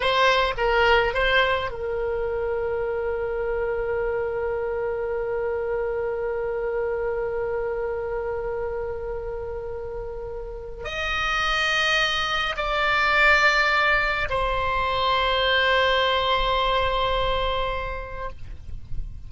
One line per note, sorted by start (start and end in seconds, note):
0.00 0.54 C5
0.57 1.14 A#4
1.14 1.70 C5
1.70 10.84 A#4
10.84 12.55 D#5
12.57 14.28 D5
14.29 18.29 C5